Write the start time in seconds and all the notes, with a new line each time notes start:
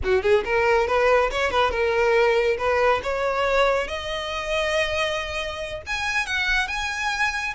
0.04 F#4
0.22 G#4
0.44 A#4
0.87 B4
1.31 C#5
1.50 B4
1.71 A#4
2.58 B4
3.03 C#5
3.87 D#5
5.86 G#5
6.26 F#5
6.67 G#5